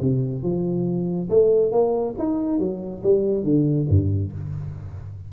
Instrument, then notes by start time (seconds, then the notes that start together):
tuba
0.00 C3
0.43 F3
1.29 A3
1.71 A#3
2.18 D#4
2.59 F#3
3.03 G3
3.44 D3
3.89 G2